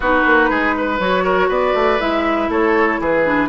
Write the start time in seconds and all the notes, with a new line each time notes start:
0.00 B3 D#4 F#4 B4
0.26 A#3
0.49 G#3 G#4
0.77 B4
0.99 F#3 F#4 C#5
1.24 A#4
1.48 B3 B4 D5
1.74 A3
1.99 G#3 E4 E5
2.48 A3 A4 C#5
2.99 E3 G#4 B4
3.24 D4